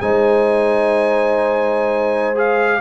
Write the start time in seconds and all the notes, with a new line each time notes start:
0.00 G#3 D#4 C5 G#5
2.34 G#4 F5